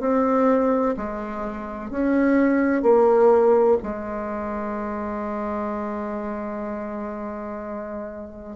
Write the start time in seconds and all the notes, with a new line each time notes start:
0.00 C4
0.97 G#3
1.90 C#4
2.83 A#3
3.83 G#3